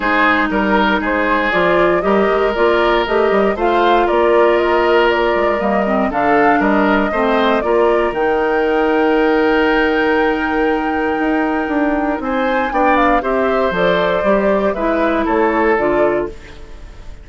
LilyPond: <<
  \new Staff \with { instrumentName = "flute" } { \time 4/4 \tempo 4 = 118 c''4 ais'4 c''4 d''4 | dis''4 d''4 dis''4 f''4 | d''4 dis''4 d''4 dis''4 | f''4 dis''2 d''4 |
g''1~ | g''1 | gis''4 g''8 f''8 e''4 d''4~ | d''4 e''4 cis''4 d''4 | }
  \new Staff \with { instrumentName = "oboe" } { \time 4/4 gis'4 ais'4 gis'2 | ais'2. c''4 | ais'1 | a'4 ais'4 c''4 ais'4~ |
ais'1~ | ais'1 | c''4 d''4 c''2~ | c''4 b'4 a'2 | }
  \new Staff \with { instrumentName = "clarinet" } { \time 4/4 dis'2. f'4 | g'4 f'4 g'4 f'4~ | f'2. ais8 c'8 | d'2 c'4 f'4 |
dis'1~ | dis'1~ | dis'4 d'4 g'4 a'4 | g'4 e'2 f'4 | }
  \new Staff \with { instrumentName = "bassoon" } { \time 4/4 gis4 g4 gis4 f4 | g8 gis8 ais4 a8 g8 a4 | ais2~ ais8 gis8 g4 | d4 g4 a4 ais4 |
dis1~ | dis2 dis'4 d'4 | c'4 b4 c'4 f4 | g4 gis4 a4 d4 | }
>>